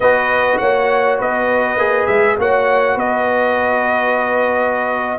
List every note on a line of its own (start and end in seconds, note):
0.00 0.57 B3
0.00 1.78 F#4
0.00 0.59 B4
0.00 0.58 D#5
0.58 1.20 A#3
0.58 1.18 C#5
0.58 1.17 F#5
1.18 1.76 B3
1.18 2.37 B4
1.18 2.06 D#5
1.76 2.06 A#3
1.76 2.37 G#4
2.06 2.37 G#3
2.06 2.36 E5
2.38 2.95 A#3
2.38 5.19 F#4
2.38 2.94 C#5
2.38 2.98 F#5
2.94 5.18 B3
2.94 5.17 B4
2.94 5.19 D#5